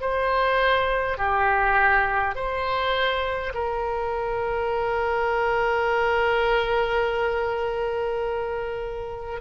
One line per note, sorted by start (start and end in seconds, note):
0.00 1.18 C5
1.18 2.35 G4
2.35 3.53 C5
3.53 9.41 A#4